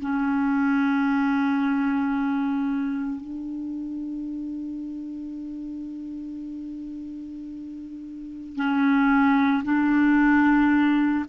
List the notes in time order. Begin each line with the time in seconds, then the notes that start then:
0.00 C#4
3.21 D4
8.56 C#4
9.64 D4